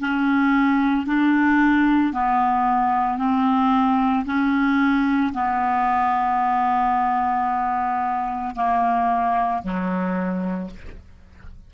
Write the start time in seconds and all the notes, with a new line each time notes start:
0.00 C#4
1.06 D4
2.13 B3
3.18 C4
4.26 C#4
5.33 B3
8.56 A#3
9.63 F#3